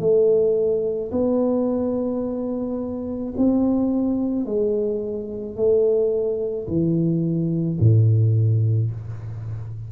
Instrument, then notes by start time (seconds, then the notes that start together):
tuba
0.00 A3
1.12 B3
3.37 C4
4.46 G#3
5.57 A3
6.68 E3
7.80 A2